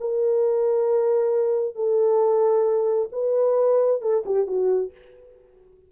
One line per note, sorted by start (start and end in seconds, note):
0.00 1.75 A#4
1.75 3.10 A4
3.12 4.02 B4
4.02 4.24 A4
4.26 4.47 G4
4.47 4.92 F#4